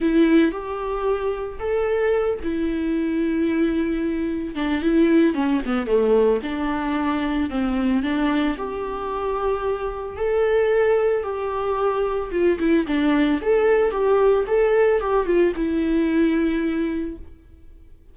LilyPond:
\new Staff \with { instrumentName = "viola" } { \time 4/4 \tempo 4 = 112 e'4 g'2 a'4~ | a'8 e'2.~ e'8~ | e'8 d'8 e'4 cis'8 b8 a4 | d'2 c'4 d'4 |
g'2. a'4~ | a'4 g'2 f'8 e'8 | d'4 a'4 g'4 a'4 | g'8 f'8 e'2. | }